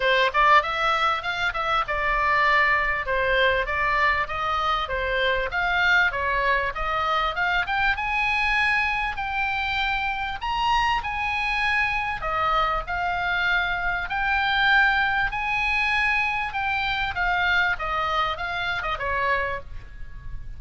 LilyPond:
\new Staff \with { instrumentName = "oboe" } { \time 4/4 \tempo 4 = 98 c''8 d''8 e''4 f''8 e''8 d''4~ | d''4 c''4 d''4 dis''4 | c''4 f''4 cis''4 dis''4 | f''8 g''8 gis''2 g''4~ |
g''4 ais''4 gis''2 | dis''4 f''2 g''4~ | g''4 gis''2 g''4 | f''4 dis''4 f''8. dis''16 cis''4 | }